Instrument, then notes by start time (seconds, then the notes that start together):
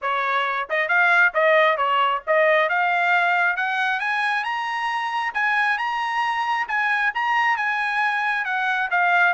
trumpet
0.01 C#5
0.69 D#5
0.88 F5
1.34 D#5
1.77 C#5
2.26 D#5
2.69 F5
3.56 F#5
4.00 G#5
4.43 A#5
5.34 G#5
5.78 A#5
6.67 G#5
7.14 A#5
7.57 G#5
8.44 F#5
8.91 F5